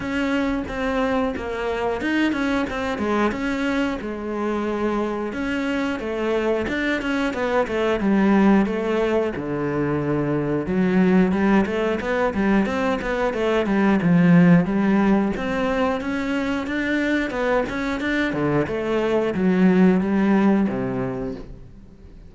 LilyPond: \new Staff \with { instrumentName = "cello" } { \time 4/4 \tempo 4 = 90 cis'4 c'4 ais4 dis'8 cis'8 | c'8 gis8 cis'4 gis2 | cis'4 a4 d'8 cis'8 b8 a8 | g4 a4 d2 |
fis4 g8 a8 b8 g8 c'8 b8 | a8 g8 f4 g4 c'4 | cis'4 d'4 b8 cis'8 d'8 d8 | a4 fis4 g4 c4 | }